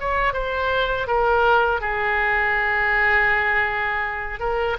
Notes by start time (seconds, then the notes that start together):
0.00 C#5
0.33 C5
1.08 A#4
1.81 G#4
4.40 A#4